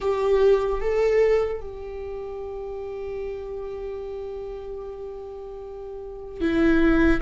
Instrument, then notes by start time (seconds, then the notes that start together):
viola
0.00 G4
0.80 A4
1.60 G4
6.40 E4